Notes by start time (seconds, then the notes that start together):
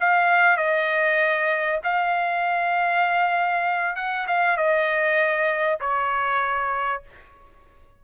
0.00 F5
0.57 D#5
1.84 F5
3.96 F#5
4.27 F5
4.57 D#5
5.80 C#5